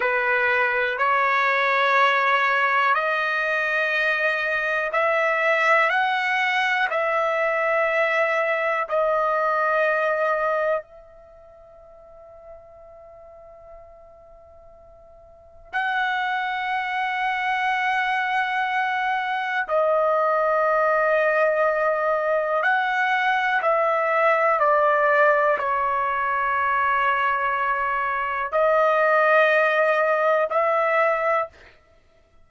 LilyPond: \new Staff \with { instrumentName = "trumpet" } { \time 4/4 \tempo 4 = 61 b'4 cis''2 dis''4~ | dis''4 e''4 fis''4 e''4~ | e''4 dis''2 e''4~ | e''1 |
fis''1 | dis''2. fis''4 | e''4 d''4 cis''2~ | cis''4 dis''2 e''4 | }